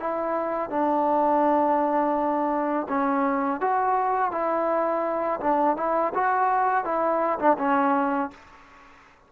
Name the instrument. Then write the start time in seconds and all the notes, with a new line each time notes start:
trombone
0.00 E4
0.70 D4
2.89 C#4
3.61 F#4
4.32 E4
5.41 D4
5.77 E4
6.14 F#4
6.85 E4
7.39 D4
7.59 C#4